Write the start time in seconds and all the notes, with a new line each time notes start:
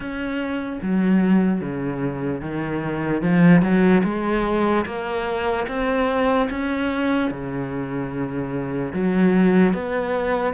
0.00 C#4
0.81 F#3
1.60 C#3
2.41 D#3
3.21 F3
3.62 F#3
4.04 G#3
4.85 A#3
5.68 C4
6.50 C#4
7.30 C#3
8.93 F#3
9.73 B3